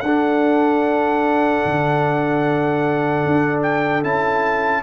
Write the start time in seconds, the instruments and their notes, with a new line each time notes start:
0.00 tuba D4, horn A4, trumpet F#5
0.06 trombone D4
1.65 tuba D3
3.25 tuba D4
3.62 trumpet G5
4.03 tuba C#4, trombone E4, trumpet A5